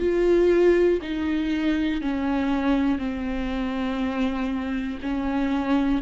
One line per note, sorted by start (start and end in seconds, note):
0.00 1.00 F4
1.01 2.01 D#4
2.01 2.99 C#4
2.99 4.99 C4
5.02 6.02 C#4